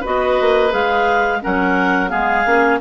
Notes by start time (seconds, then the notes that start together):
0.00 B3 F#4 B4 D#5
0.40 A#3
0.69 G#3 G#4 F5
1.41 F#3 C#4 A#4 F#5
2.08 G#3 B3 G#4 F5
2.45 A#3 C#4